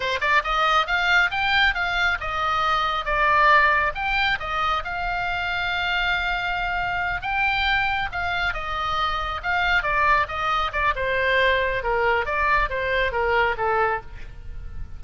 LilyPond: \new Staff \with { instrumentName = "oboe" } { \time 4/4 \tempo 4 = 137 c''8 d''8 dis''4 f''4 g''4 | f''4 dis''2 d''4~ | d''4 g''4 dis''4 f''4~ | f''1~ |
f''8 g''2 f''4 dis''8~ | dis''4. f''4 d''4 dis''8~ | dis''8 d''8 c''2 ais'4 | d''4 c''4 ais'4 a'4 | }